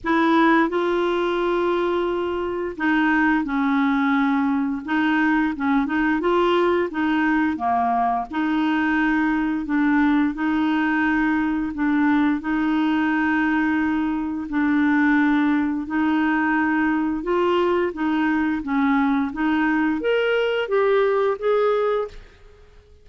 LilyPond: \new Staff \with { instrumentName = "clarinet" } { \time 4/4 \tempo 4 = 87 e'4 f'2. | dis'4 cis'2 dis'4 | cis'8 dis'8 f'4 dis'4 ais4 | dis'2 d'4 dis'4~ |
dis'4 d'4 dis'2~ | dis'4 d'2 dis'4~ | dis'4 f'4 dis'4 cis'4 | dis'4 ais'4 g'4 gis'4 | }